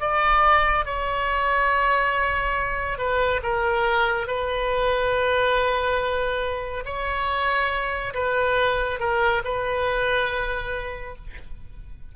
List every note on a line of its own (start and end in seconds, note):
0.00 0.85 D5
0.85 2.98 C#5
2.98 3.41 B4
3.42 4.27 A#4
4.27 6.84 B4
6.85 8.14 C#5
8.14 8.99 B4
8.99 9.42 A#4
9.44 11.15 B4